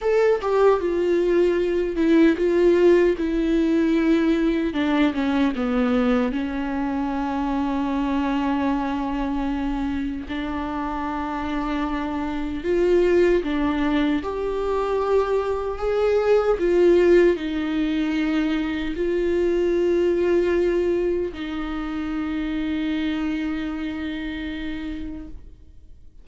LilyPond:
\new Staff \with { instrumentName = "viola" } { \time 4/4 \tempo 4 = 76 a'8 g'8 f'4. e'8 f'4 | e'2 d'8 cis'8 b4 | cis'1~ | cis'4 d'2. |
f'4 d'4 g'2 | gis'4 f'4 dis'2 | f'2. dis'4~ | dis'1 | }